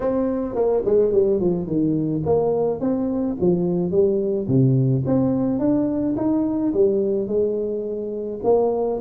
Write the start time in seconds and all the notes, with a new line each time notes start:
0.00 C4
0.55 A#3
0.85 G#3
1.12 G3
1.39 F3
1.66 D#3
2.25 A#3
2.80 C4
3.40 F3
3.91 G3
4.47 C3
5.06 C4
5.59 D4
6.17 D#4
6.73 G3
7.27 G#3
8.43 A#3